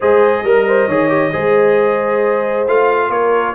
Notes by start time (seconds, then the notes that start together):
0.00 G#3 G#4 C5 D#5
0.43 G3 A#4
0.67 C5
0.87 D#3 G#4 C#5
1.08 G4
1.32 G#3 G#4 C5
2.67 A3 F4 F5
3.09 A#3 A#4 C#5